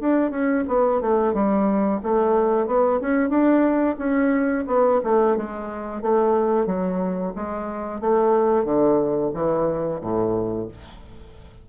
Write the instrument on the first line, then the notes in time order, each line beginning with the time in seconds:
bassoon
0.00 D4
0.31 C#4
0.68 B3
1.01 A3
1.33 G3
2.03 A3
2.67 B3
3.00 C#4
3.29 D4
3.98 C#4
4.67 B3
5.04 A3
5.36 G#3
6.02 A3
6.66 F#3
7.35 G#3
8.01 A3
8.65 D3
9.34 E3
10.01 A2